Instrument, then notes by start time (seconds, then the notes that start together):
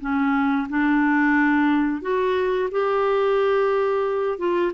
clarinet
0.00 C#4
0.69 D4
2.02 F#4
2.71 G4
4.38 F4